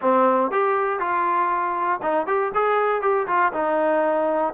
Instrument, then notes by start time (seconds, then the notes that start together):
trombone
0.01 C4
0.51 G4
0.99 F4
2.02 D#4
2.27 G4
2.54 G#4
3.01 G4
3.27 F4
3.52 D#4